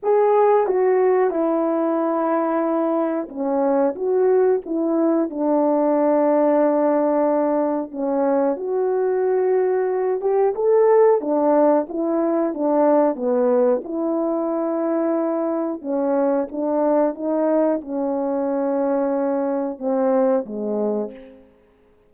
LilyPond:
\new Staff \with { instrumentName = "horn" } { \time 4/4 \tempo 4 = 91 gis'4 fis'4 e'2~ | e'4 cis'4 fis'4 e'4 | d'1 | cis'4 fis'2~ fis'8 g'8 |
a'4 d'4 e'4 d'4 | b4 e'2. | cis'4 d'4 dis'4 cis'4~ | cis'2 c'4 gis4 | }